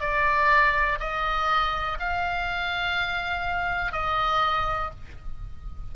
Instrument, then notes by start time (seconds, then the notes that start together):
oboe
0.00 D5
0.99 D#5
1.99 F5
3.92 D#5